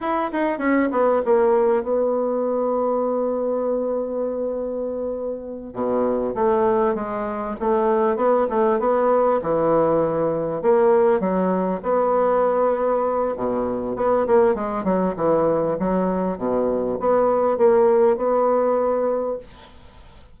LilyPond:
\new Staff \with { instrumentName = "bassoon" } { \time 4/4 \tempo 4 = 99 e'8 dis'8 cis'8 b8 ais4 b4~ | b1~ | b4. b,4 a4 gis8~ | gis8 a4 b8 a8 b4 e8~ |
e4. ais4 fis4 b8~ | b2 b,4 b8 ais8 | gis8 fis8 e4 fis4 b,4 | b4 ais4 b2 | }